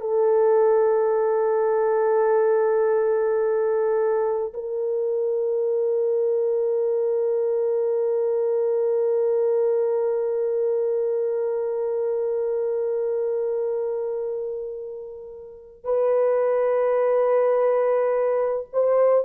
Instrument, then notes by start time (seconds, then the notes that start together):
horn
0.00 A4
4.53 A#4
15.84 B4
18.73 C5